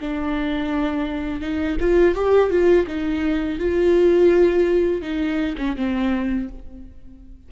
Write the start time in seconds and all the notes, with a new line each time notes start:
0.00 D4
1.41 D#4
1.80 F4
2.15 G4
2.50 F4
2.87 D#4
3.58 F4
5.01 D#4
5.58 C#4
5.76 C4